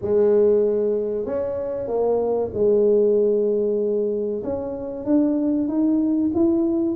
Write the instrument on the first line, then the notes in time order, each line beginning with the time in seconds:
tuba
0.01 G#3
1.25 C#4
1.87 A#3
2.53 G#3
4.43 C#4
5.05 D4
5.68 D#4
6.34 E4